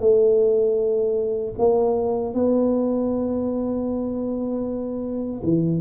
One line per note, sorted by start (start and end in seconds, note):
0.00 1.54 A3
1.58 2.34 A#3
2.34 5.42 B3
5.43 5.81 E3